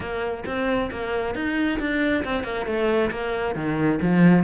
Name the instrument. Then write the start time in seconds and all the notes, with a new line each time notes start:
cello
0.00 A#3
0.45 C4
0.91 A#3
1.34 D#4
1.79 D4
2.24 C4
2.43 A#3
2.66 A3
3.11 A#3
3.55 D#3
4.01 F3